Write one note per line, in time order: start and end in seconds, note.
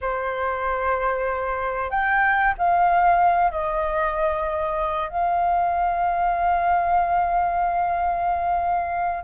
0.01 1.90 C5
1.90 2.54 G5
2.58 3.51 F5
3.51 5.09 D#5
5.09 9.23 F5